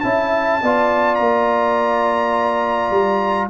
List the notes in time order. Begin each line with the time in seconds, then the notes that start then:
0.00 C#4 E4 E5 A5
0.62 B3 F4 D5
1.15 A#3 A#5
2.90 G3